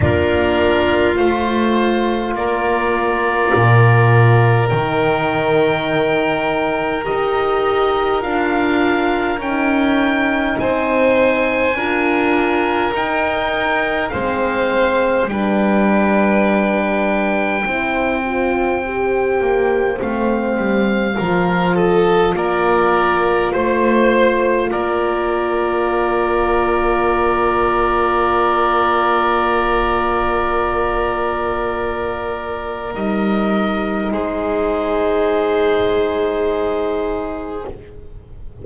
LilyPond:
<<
  \new Staff \with { instrumentName = "oboe" } { \time 4/4 \tempo 4 = 51 ais'4 c''4 d''2 | g''2 dis''4 f''4 | g''4 gis''2 g''4 | f''4 g''2.~ |
g''4 f''4. dis''8 d''4 | c''4 d''2.~ | d''1 | dis''4 c''2. | }
  \new Staff \with { instrumentName = "violin" } { \time 4/4 f'2 ais'2~ | ais'1~ | ais'4 c''4 ais'2 | c''4 b'2 c''4~ |
c''2 ais'8 a'8 ais'4 | c''4 ais'2.~ | ais'1~ | ais'4 gis'2. | }
  \new Staff \with { instrumentName = "horn" } { \time 4/4 d'4 f'2. | dis'2 g'4 f'4 | dis'2 f'4 dis'4 | c'4 d'2 e'8 f'8 |
g'4 c'4 f'2~ | f'1~ | f'1 | dis'1 | }
  \new Staff \with { instrumentName = "double bass" } { \time 4/4 ais4 a4 ais4 ais,4 | dis2 dis'4 d'4 | cis'4 c'4 d'4 dis'4 | gis4 g2 c'4~ |
c'8 ais8 a8 g8 f4 ais4 | a4 ais2.~ | ais1 | g4 gis2. | }
>>